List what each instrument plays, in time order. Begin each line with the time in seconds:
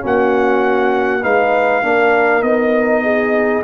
0.00 tuba A#3, trombone C#4, horn F#4, trumpet F#5
1.22 tuba G#3, trombone D#4, horn B4, trumpet F5
1.82 tuba A#3, trombone D4, horn A#4
2.42 tuba B3, trombone D#4, trumpet D#5
3.04 horn G#4